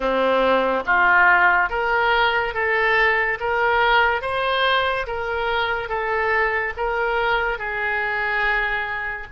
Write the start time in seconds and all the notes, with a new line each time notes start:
0.00 C4
0.86 F4
1.69 A#4
2.54 A4
3.40 A#4
4.21 C5
5.07 A#4
5.88 A4
6.76 A#4
7.58 G#4